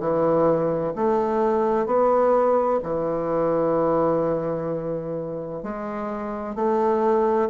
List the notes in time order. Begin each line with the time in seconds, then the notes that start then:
0.00 E3
0.95 A3
1.86 B3
2.83 E3
5.63 G#3
6.55 A3